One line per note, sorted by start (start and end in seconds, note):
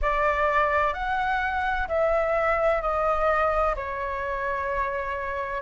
0.01 0.93 D5
0.93 1.87 F#5
1.87 2.81 E5
2.81 3.75 D#5
3.75 5.62 C#5